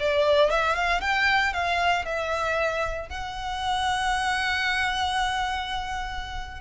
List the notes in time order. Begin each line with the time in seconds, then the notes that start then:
0.00 D5
0.51 E5
0.76 F5
1.02 G5
1.54 F5
2.06 E5
3.10 F#5